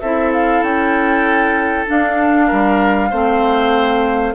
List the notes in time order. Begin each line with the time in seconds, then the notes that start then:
0.00 C4 E4 A4 E5
0.33 F5
0.62 C#4 G5
1.87 D4 F5
2.47 G3 A#4
3.10 A3 C4 C5